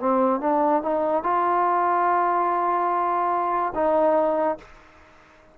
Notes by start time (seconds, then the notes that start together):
0.00 C4
0.41 D4
0.83 D#4
1.23 F4
3.75 D#4